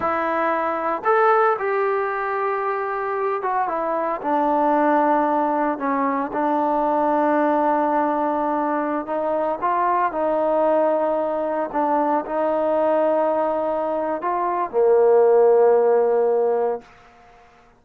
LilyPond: \new Staff \with { instrumentName = "trombone" } { \time 4/4 \tempo 4 = 114 e'2 a'4 g'4~ | g'2~ g'8 fis'8 e'4 | d'2. cis'4 | d'1~ |
d'4~ d'16 dis'4 f'4 dis'8.~ | dis'2~ dis'16 d'4 dis'8.~ | dis'2. f'4 | ais1 | }